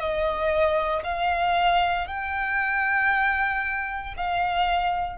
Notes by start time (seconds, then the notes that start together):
0.00 D#5
1.04 F5
2.07 G5
4.17 F5